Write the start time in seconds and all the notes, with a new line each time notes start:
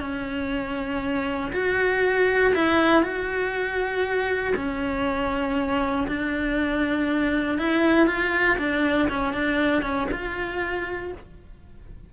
0.00 C#4
1.52 F#4
2.54 E4
3.02 F#4
4.56 C#4
6.08 D4
7.58 E4
8.07 F4
8.58 D4
9.09 C#4
9.33 D4
9.82 C#4
10.11 F4